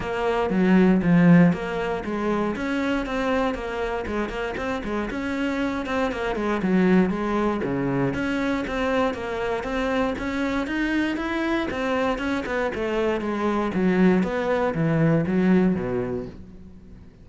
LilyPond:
\new Staff \with { instrumentName = "cello" } { \time 4/4 \tempo 4 = 118 ais4 fis4 f4 ais4 | gis4 cis'4 c'4 ais4 | gis8 ais8 c'8 gis8 cis'4. c'8 | ais8 gis8 fis4 gis4 cis4 |
cis'4 c'4 ais4 c'4 | cis'4 dis'4 e'4 c'4 | cis'8 b8 a4 gis4 fis4 | b4 e4 fis4 b,4 | }